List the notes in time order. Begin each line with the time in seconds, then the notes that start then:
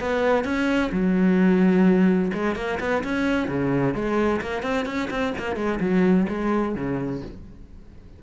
0.00 B3
0.44 C#4
0.92 F#3
2.34 G#3
2.56 A#3
2.80 B3
3.03 C#4
3.48 C#3
3.94 G#3
4.41 A#3
4.63 C4
4.86 C#4
5.10 C4
5.38 A#3
5.56 G#3
5.80 F#3
6.29 G#3
6.75 C#3